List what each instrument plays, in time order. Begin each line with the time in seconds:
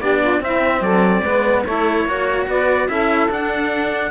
0.00 cello B3 D4, saxophone G4, trumpet D5
0.21 saxophone F4
0.39 cello C4, saxophone E4, trumpet E5
0.80 cello F#3, saxophone A4, trumpet D5
1.22 cello G#3 B3, saxophone B4
1.65 cello A3 E4, saxophone A4, trumpet C#5
2.05 cello A#3 F#4, saxophone C#5
2.47 cello B3, saxophone B4, trumpet D5
2.88 cello C#4 E4, saxophone A4, trumpet E5
3.28 cello D4, trumpet F#5